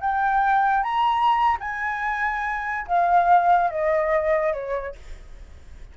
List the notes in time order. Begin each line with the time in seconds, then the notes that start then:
0.00 G5
0.83 A#5
1.60 G#5
2.87 F5
3.70 D#5
4.53 C#5